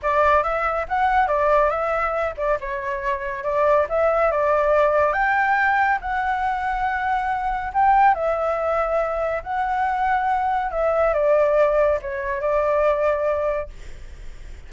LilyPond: \new Staff \with { instrumentName = "flute" } { \time 4/4 \tempo 4 = 140 d''4 e''4 fis''4 d''4 | e''4. d''8 cis''2 | d''4 e''4 d''2 | g''2 fis''2~ |
fis''2 g''4 e''4~ | e''2 fis''2~ | fis''4 e''4 d''2 | cis''4 d''2. | }